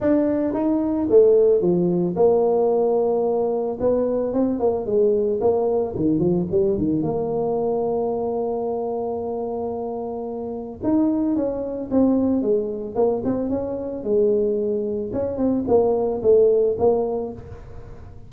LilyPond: \new Staff \with { instrumentName = "tuba" } { \time 4/4 \tempo 4 = 111 d'4 dis'4 a4 f4 | ais2. b4 | c'8 ais8 gis4 ais4 dis8 f8 | g8 dis8 ais2.~ |
ais1 | dis'4 cis'4 c'4 gis4 | ais8 c'8 cis'4 gis2 | cis'8 c'8 ais4 a4 ais4 | }